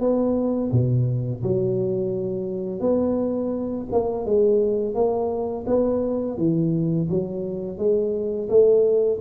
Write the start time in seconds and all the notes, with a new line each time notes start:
0.00 B3
0.72 B2
1.43 F#3
2.80 B3
3.91 A#3
4.25 G#3
4.94 A#3
5.66 B3
6.37 E3
7.09 F#3
7.78 G#3
8.49 A3